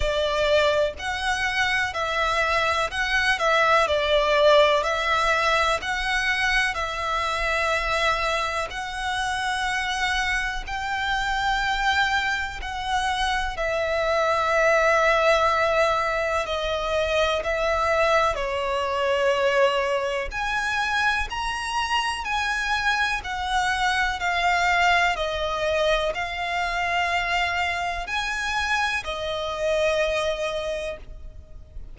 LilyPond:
\new Staff \with { instrumentName = "violin" } { \time 4/4 \tempo 4 = 62 d''4 fis''4 e''4 fis''8 e''8 | d''4 e''4 fis''4 e''4~ | e''4 fis''2 g''4~ | g''4 fis''4 e''2~ |
e''4 dis''4 e''4 cis''4~ | cis''4 gis''4 ais''4 gis''4 | fis''4 f''4 dis''4 f''4~ | f''4 gis''4 dis''2 | }